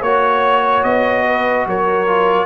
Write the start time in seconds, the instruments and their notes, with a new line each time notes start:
0.00 tuba A#3, trombone F#4, horn C#5, trumpet C#5
0.84 tuba B3, trumpet D#5
1.26 horn B4
1.66 tuba F#3, horn A#4, trumpet C#5
2.07 trombone F4